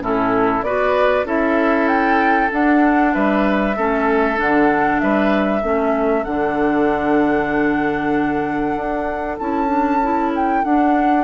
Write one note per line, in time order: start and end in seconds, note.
0.00 0.62 A2
0.00 0.64 C#4
0.00 0.65 E4
0.00 0.63 A4
0.62 1.24 B3
0.62 1.26 F#4
0.62 1.26 B4
0.62 1.26 D5
1.24 2.49 C#4
1.24 2.50 E4
1.24 3.14 A4
1.24 1.88 E5
1.88 2.50 G5
2.50 3.75 D4
2.50 3.15 D4
2.50 3.14 F#5
3.14 3.78 G3
3.14 3.77 B4
3.14 4.39 E5
3.77 4.40 A3
3.77 4.36 C#4
3.77 5.02 A4
4.36 5.02 D3
4.36 5.61 D4
4.36 5.00 F#5
5.00 5.63 G3
5.00 5.62 B4
5.00 6.24 E5
5.62 6.26 A3
5.62 6.25 C#4
5.62 11.24 A4
6.24 8.76 D3
6.24 9.40 D4
6.24 9.37 F#5
8.76 9.38 D4
9.39 10.65 C#4
9.39 9.67 E4
9.39 10.33 A5
9.67 9.98 D4
10.03 10.65 E4
10.36 10.65 G5
10.65 11.24 D4
10.65 11.24 F#5